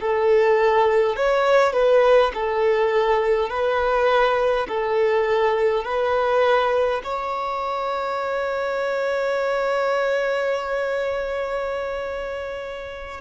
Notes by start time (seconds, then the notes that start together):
0.00 A4
1.16 C#5
1.73 B4
2.34 A4
3.49 B4
4.68 A4
5.83 B4
7.03 C#5